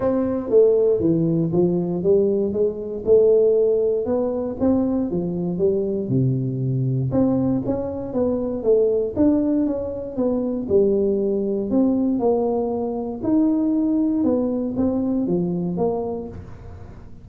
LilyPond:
\new Staff \with { instrumentName = "tuba" } { \time 4/4 \tempo 4 = 118 c'4 a4 e4 f4 | g4 gis4 a2 | b4 c'4 f4 g4 | c2 c'4 cis'4 |
b4 a4 d'4 cis'4 | b4 g2 c'4 | ais2 dis'2 | b4 c'4 f4 ais4 | }